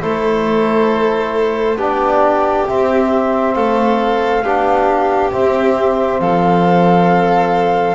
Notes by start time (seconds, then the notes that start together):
0.00 A3 E4 A4 C5
1.76 B3 D4 G4 D5
2.67 C4 E5
3.54 A3 A4 F5
4.43 B3 D4 G4
5.31 C4 E5
6.19 F3 A4 F5